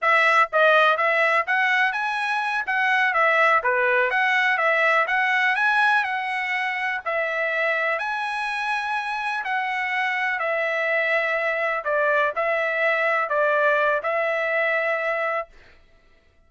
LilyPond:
\new Staff \with { instrumentName = "trumpet" } { \time 4/4 \tempo 4 = 124 e''4 dis''4 e''4 fis''4 | gis''4. fis''4 e''4 b'8~ | b'8 fis''4 e''4 fis''4 gis''8~ | gis''8 fis''2 e''4.~ |
e''8 gis''2. fis''8~ | fis''4. e''2~ e''8~ | e''8 d''4 e''2 d''8~ | d''4 e''2. | }